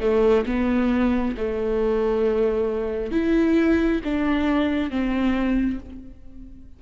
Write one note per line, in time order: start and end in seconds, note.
0.00 0.45 A3
0.46 1.35 B3
1.37 3.11 A3
3.11 4.01 E4
4.04 4.90 D4
4.90 5.79 C4